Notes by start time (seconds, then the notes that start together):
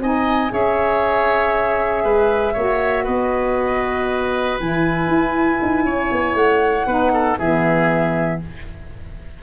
0.00 C4 D#4 D#5 G#5
0.50 C#4 G#4 C#5 E5
2.04 G#3 B4
2.53 A#3 F#4 C#5
3.04 B3 B4 D#5
4.59 E3 E4 G#5
5.07 E4
5.62 D#4
5.85 C#4 C#5
6.11 B3
6.35 A3 F#5
6.86 B3 D#4 B4
7.13 A4
7.38 E3 B3 G#4 E5